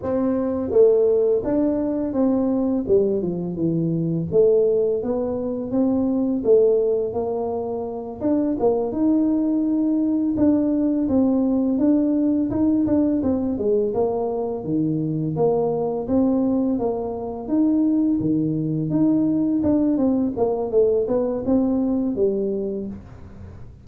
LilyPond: \new Staff \with { instrumentName = "tuba" } { \time 4/4 \tempo 4 = 84 c'4 a4 d'4 c'4 | g8 f8 e4 a4 b4 | c'4 a4 ais4. d'8 | ais8 dis'2 d'4 c'8~ |
c'8 d'4 dis'8 d'8 c'8 gis8 ais8~ | ais8 dis4 ais4 c'4 ais8~ | ais8 dis'4 dis4 dis'4 d'8 | c'8 ais8 a8 b8 c'4 g4 | }